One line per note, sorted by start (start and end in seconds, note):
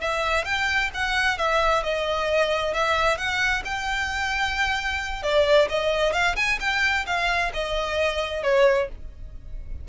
0.00 0.45 E5
0.45 0.90 G5
0.94 1.38 F#5
1.38 1.83 E5
1.83 2.74 D#5
2.74 3.17 E5
3.17 3.63 F#5
3.64 5.23 G5
5.23 5.68 D5
5.69 6.13 D#5
6.13 6.35 F5
6.36 6.58 G#5
6.60 7.05 G5
7.06 7.52 F5
7.53 8.43 D#5
8.43 8.88 C#5